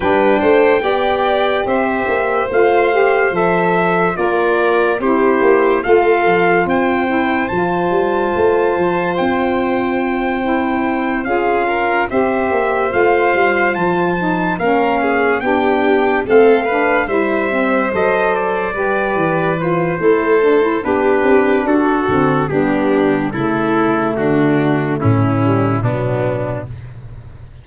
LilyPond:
<<
  \new Staff \with { instrumentName = "trumpet" } { \time 4/4 \tempo 4 = 72 g''2 e''4 f''4 | e''4 d''4 c''4 f''4 | g''4 a''2 g''4~ | g''4. f''4 e''4 f''8~ |
f''8 a''4 f''4 g''4 f''8~ | f''8 e''4 dis''8 d''4. c''8~ | c''4 b'4 a'4 g'4 | a'4 fis'4 e'4 d'4 | }
  \new Staff \with { instrumentName = "violin" } { \time 4/4 b'8 c''8 d''4 c''2~ | c''4 ais'4 g'4 a'4 | c''1~ | c''4. gis'8 ais'8 c''4.~ |
c''4. ais'8 gis'8 g'4 a'8 | b'8 c''2 b'4. | a'4 g'4 fis'4 d'4 | e'4 d'4 cis'4 b4 | }
  \new Staff \with { instrumentName = "saxophone" } { \time 4/4 d'4 g'2 f'8 g'8 | a'4 f'4 e'4 f'4~ | f'8 e'8 f'2.~ | f'8 e'4 f'4 g'4 f'8~ |
f'4 dis'8 cis'4 d'4 c'8 | d'8 e'8 c'8 a'4 g'4 f'8 | e'8 d'16 e'16 d'4. c'8 b4 | a2~ a8 g8 fis4 | }
  \new Staff \with { instrumentName = "tuba" } { \time 4/4 g8 a8 b4 c'8 ais8 a4 | f4 ais4 c'8 ais8 a8 f8 | c'4 f8 g8 a8 f8 c'4~ | c'4. cis'4 c'8 ais8 a8 |
g8 f4 ais4 b4 a8~ | a8 g4 fis4 g8 e4 | a4 b8 c'8 d'8 d8 g4 | cis4 d4 a,4 b,4 | }
>>